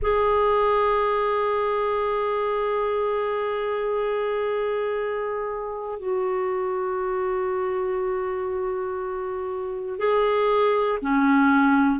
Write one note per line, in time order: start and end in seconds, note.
0.02 5.99 G#4
5.99 9.99 F#4
9.99 10.99 G#4
11.02 12.00 C#4